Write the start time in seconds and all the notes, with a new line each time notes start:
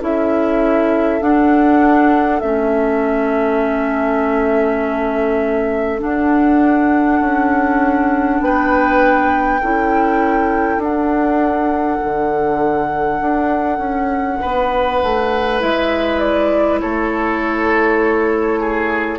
0.00 C#4 E4 A4 E5
1.21 D4 F#5
2.40 A3 C#4 E5
5.99 D4 F#5
7.21 C#4
8.40 B3 B4 G5
9.61 C#4 E4 A4
10.78 D4 F#5
12.04 D3
13.21 D4
13.78 C#4
14.41 B3 B4
15.03 A3
15.59 G#3 E4 E5
16.19 D5
16.80 A3 A4 C#5
18.60 G#4